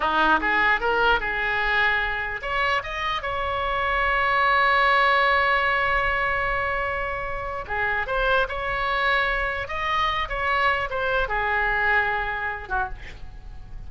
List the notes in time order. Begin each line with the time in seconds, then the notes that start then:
0.00 D#4
0.40 G#4
0.80 A#4
1.20 G#4
2.42 C#5
2.83 D#5
3.22 C#5
7.67 G#4
8.06 C5
8.48 C#5
9.68 D#5
10.28 C#5
10.90 C5
11.28 G#4
12.68 F#4